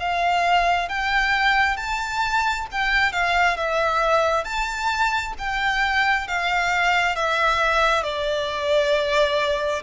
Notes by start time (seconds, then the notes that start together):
0.00 F5
0.89 G5
1.77 A5
2.72 G5
3.13 F5
3.57 E5
4.45 A5
5.39 G5
6.28 F5
7.16 E5
8.04 D5